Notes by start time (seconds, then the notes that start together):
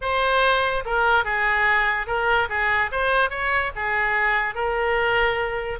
0.01 C5
0.85 A#4
1.24 G#4
2.07 A#4
2.49 G#4
2.91 C5
3.30 C#5
3.75 G#4
4.55 A#4